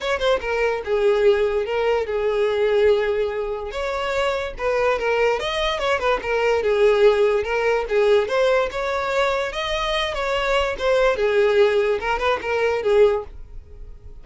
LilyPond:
\new Staff \with { instrumentName = "violin" } { \time 4/4 \tempo 4 = 145 cis''8 c''8 ais'4 gis'2 | ais'4 gis'2.~ | gis'4 cis''2 b'4 | ais'4 dis''4 cis''8 b'8 ais'4 |
gis'2 ais'4 gis'4 | c''4 cis''2 dis''4~ | dis''8 cis''4. c''4 gis'4~ | gis'4 ais'8 b'8 ais'4 gis'4 | }